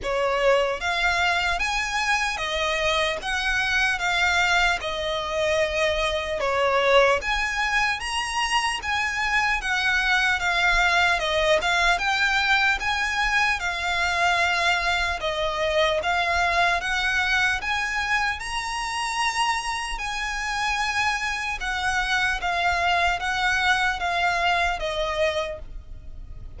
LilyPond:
\new Staff \with { instrumentName = "violin" } { \time 4/4 \tempo 4 = 75 cis''4 f''4 gis''4 dis''4 | fis''4 f''4 dis''2 | cis''4 gis''4 ais''4 gis''4 | fis''4 f''4 dis''8 f''8 g''4 |
gis''4 f''2 dis''4 | f''4 fis''4 gis''4 ais''4~ | ais''4 gis''2 fis''4 | f''4 fis''4 f''4 dis''4 | }